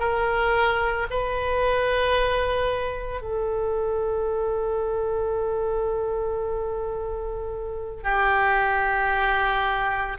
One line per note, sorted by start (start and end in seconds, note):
0.00 1.07 A#4
1.11 3.21 B4
3.21 8.04 A4
8.04 10.18 G4